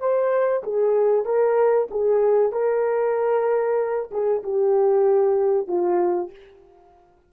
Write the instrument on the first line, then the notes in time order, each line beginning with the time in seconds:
horn
0.00 C5
0.63 G#4
1.26 A#4
1.91 G#4
2.53 A#4
4.11 G#4
4.44 G4
5.68 F4